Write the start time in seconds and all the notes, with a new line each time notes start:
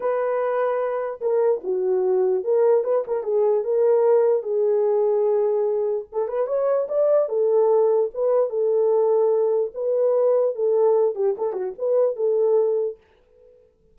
0.00 B4
1.21 A#4
1.63 F#4
2.44 A#4
2.84 B4
3.07 A#4
3.23 G#4
3.63 A#4
4.42 G#4
6.12 A4
6.28 B4
6.46 C#5
6.88 D5
7.29 A4
8.14 B4
8.49 A4
9.74 B4
10.55 A4
11.15 G4
11.37 A4
11.52 F#4
11.78 B4
12.16 A4